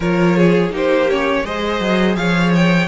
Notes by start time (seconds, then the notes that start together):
0.00 F3 F4 A#4 C#5
0.36 G#4
0.70 A#3 D#4 G4
0.76 C5
1.10 C#4 C#5
1.44 G#3 G#4 C5 D#5
1.80 F#3
2.15 F3 C#5 F5
2.55 G5